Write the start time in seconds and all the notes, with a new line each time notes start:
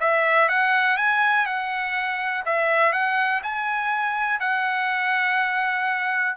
0.00 E5
0.49 F#5
0.97 G#5
1.46 F#5
2.45 E5
2.92 F#5
3.43 G#5
4.40 F#5